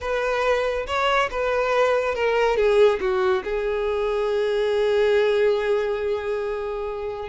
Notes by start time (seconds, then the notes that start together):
0.00 B4
0.86 C#5
1.30 B4
2.14 A#4
2.56 G#4
3.00 F#4
3.44 G#4